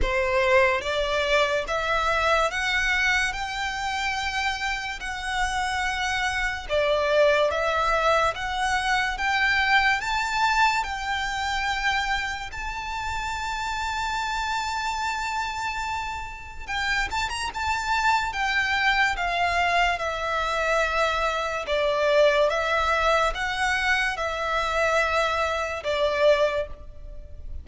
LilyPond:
\new Staff \with { instrumentName = "violin" } { \time 4/4 \tempo 4 = 72 c''4 d''4 e''4 fis''4 | g''2 fis''2 | d''4 e''4 fis''4 g''4 | a''4 g''2 a''4~ |
a''1 | g''8 a''16 ais''16 a''4 g''4 f''4 | e''2 d''4 e''4 | fis''4 e''2 d''4 | }